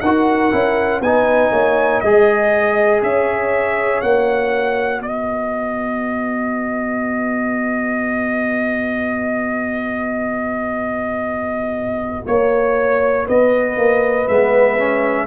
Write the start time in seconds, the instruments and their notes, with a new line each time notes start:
0.00 tuba D#4, trombone F#4, horn A#4, trumpet F#5
0.52 tuba C#4, trombone E4
1.00 tuba B3, trombone D#4, horn B4, trumpet G#5
1.51 tuba A#3, horn C#5
2.00 tuba G#3, trombone G#4, trumpet D#5, horn D#5
3.02 tuba C#4, horn C#5, trumpet E5
4.01 tuba A#3, trombone F#4, trumpet F#5
4.99 tuba B3, horn B4, trumpet D#5
12.26 tuba A#3, trumpet C#5, horn C#5
13.26 tuba B3, horn B4, trumpet D#5
13.77 tuba A#3
14.28 tuba G#3, trombone B3, trumpet E5
14.78 trombone C#4